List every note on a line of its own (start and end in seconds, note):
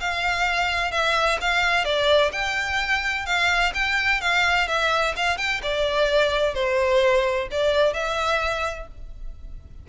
0.00 0.91 F5
0.91 1.38 E5
1.41 1.85 F5
1.85 2.31 D5
2.32 3.25 G5
3.25 3.72 F5
3.74 4.21 G5
4.21 4.67 F5
4.67 5.14 E5
5.16 5.37 F5
5.37 5.61 G5
5.62 6.54 D5
6.54 7.48 C5
7.51 7.93 D5
7.93 8.87 E5